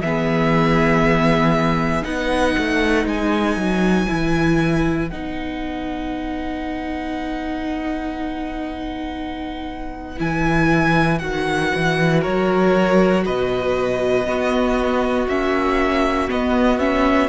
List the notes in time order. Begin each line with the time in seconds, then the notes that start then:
0.00 E3 B3 G#4 E5
2.02 B3 D#4 B4 F#5
2.58 A3
3.05 G#3 G#5
3.56 F#3
4.07 E3 E4
5.10 B3 D#4 F#5
10.17 E3 E4 G#5
11.18 D#3 F#4 F#5
11.75 E3
12.21 F#3 A#4 C#5
13.25 B2 B4 D#5
14.25 B3 F#4
15.28 A#3 C#4 E5
16.29 B3 D#5
16.79 C#4 E5